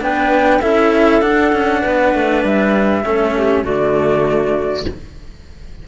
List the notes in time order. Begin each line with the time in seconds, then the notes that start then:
0.00 B3 D4 B4 G5
0.62 C#4 E4 A4 E5
1.22 D4 F#5
1.53 C#4
1.82 B3 B4
2.15 A3
2.45 G3 E5
3.04 A3 C#4 A4
3.37 G4
3.64 D3 A3 F#4 D5